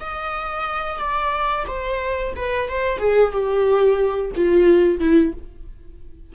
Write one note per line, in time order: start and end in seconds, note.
0.00 0.99 D#5
0.99 1.65 D5
1.67 2.33 C5
2.35 2.69 B4
2.69 2.98 C5
2.98 3.31 G#4
3.31 4.31 G4
4.35 4.99 F4
4.99 5.33 E4